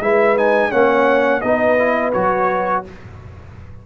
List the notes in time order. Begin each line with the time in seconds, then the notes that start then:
0.00 G#3 E4 B4 E5
0.37 D#4 G#5
0.70 A#3 C#4 C#5 F#5
1.41 B3 D#4 B4 D#5
1.78 E4
2.12 F#3 F#4 C#5